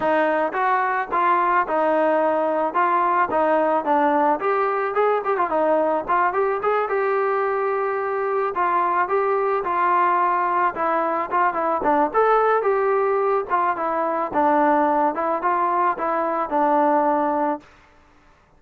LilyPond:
\new Staff \with { instrumentName = "trombone" } { \time 4/4 \tempo 4 = 109 dis'4 fis'4 f'4 dis'4~ | dis'4 f'4 dis'4 d'4 | g'4 gis'8 g'16 f'16 dis'4 f'8 g'8 | gis'8 g'2. f'8~ |
f'8 g'4 f'2 e'8~ | e'8 f'8 e'8 d'8 a'4 g'4~ | g'8 f'8 e'4 d'4. e'8 | f'4 e'4 d'2 | }